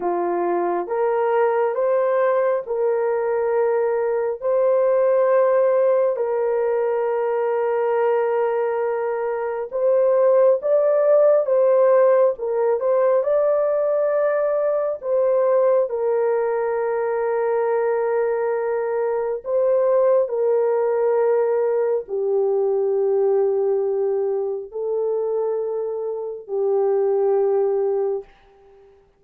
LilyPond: \new Staff \with { instrumentName = "horn" } { \time 4/4 \tempo 4 = 68 f'4 ais'4 c''4 ais'4~ | ais'4 c''2 ais'4~ | ais'2. c''4 | d''4 c''4 ais'8 c''8 d''4~ |
d''4 c''4 ais'2~ | ais'2 c''4 ais'4~ | ais'4 g'2. | a'2 g'2 | }